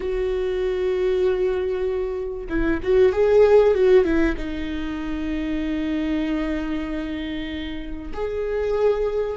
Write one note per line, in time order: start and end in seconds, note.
0.00 2.47 F#4
2.49 2.80 E4
2.82 3.12 F#4
3.12 3.74 G#4
3.74 4.04 F#4
4.04 4.35 E4
4.37 8.12 D#4
8.13 9.37 G#4